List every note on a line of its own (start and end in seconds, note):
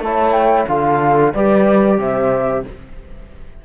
0.00 0.65 A3
0.00 0.69 E4
0.00 0.69 C#5
0.00 0.32 A5
0.32 0.65 G5
0.68 1.34 D3
0.68 1.34 F4
0.68 1.34 A4
0.68 1.34 F5
1.34 1.98 G3
1.34 2.66 G4
1.34 1.99 B4
1.34 1.99 D5
1.98 2.64 C3
1.98 2.65 C5
1.98 2.65 E5